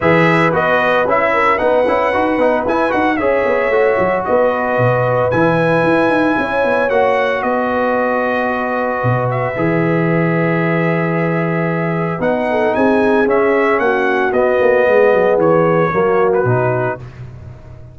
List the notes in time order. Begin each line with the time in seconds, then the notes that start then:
0.00 E3 G#4 B4 E5
0.52 B3 F#4 D#5
1.05 C#4 E4 E5
1.33 A#4
1.57 B3 D#4 B4 F#5
1.87 C#4 E4
2.13 D#4 F#4
2.37 B3 D#4
2.64 E4 G#5
2.89 D#4 F#4 F#5
3.16 C#4 G#4 C#5 E5
3.45 B3
3.69 A3 F#4
3.98 F#3
4.24 B3 B4 D#5
4.78 B2
5.30 E3 E4 G#5
5.83 E4
6.08 D#4
6.38 C#4 C#5
6.64 B3
6.89 A#3 F#4 F#5
7.42 B3 B4 D#5
9.03 B2
9.30 E5
9.56 E3 G#4
12.19 B3 D#4 F#5
12.50 A4
12.74 C4 G#4 G#5
13.26 C#4 E5
13.79 A#3 F#4 F#5
14.32 B3 D#5
14.60 A#3
14.87 G#3 G#4
15.13 F#3
15.37 E3 C#5
15.92 F#3 A#3 F#4
16.33 B4
16.44 B2 D#4